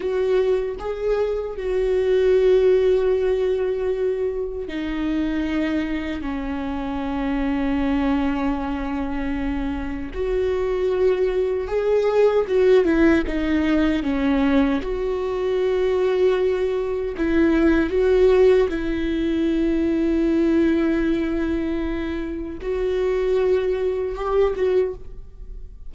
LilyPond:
\new Staff \with { instrumentName = "viola" } { \time 4/4 \tempo 4 = 77 fis'4 gis'4 fis'2~ | fis'2 dis'2 | cis'1~ | cis'4 fis'2 gis'4 |
fis'8 e'8 dis'4 cis'4 fis'4~ | fis'2 e'4 fis'4 | e'1~ | e'4 fis'2 g'8 fis'8 | }